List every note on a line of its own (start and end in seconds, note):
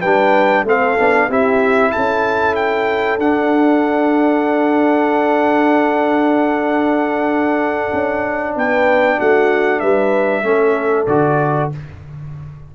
0.00 0.64 G3
0.00 0.66 D4
0.00 0.63 B4
0.00 0.64 G5
0.64 0.95 A3
0.64 0.97 C4
0.64 1.28 A4
0.64 1.31 F5
0.98 1.29 B3
0.98 1.29 D4
1.28 1.92 C4
1.28 3.19 E4
1.28 1.91 G4
1.28 1.91 E5
1.91 3.17 C#4
1.91 8.55 A4
1.91 2.54 A5
2.55 3.18 G5
3.17 7.91 D4
3.17 10.43 D4
3.17 8.56 F#5
7.92 8.55 C#4
8.55 9.18 B3
8.55 9.17 B4
8.55 9.20 G5
9.17 9.81 A3
9.17 9.80 F#4
9.17 9.79 F#5
9.79 10.42 G3
9.79 10.44 B4
9.79 11.06 E5
10.42 11.06 A3
10.42 11.06 C#4
10.49 11.75 A4
11.06 11.70 D3
11.06 11.72 F#4
11.06 11.69 D5